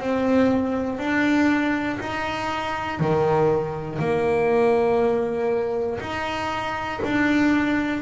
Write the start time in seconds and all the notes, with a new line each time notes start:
0.00 C4
1.00 D4
2.00 D#4
3.00 D#3
4.00 A#3
6.00 D#4
7.05 D4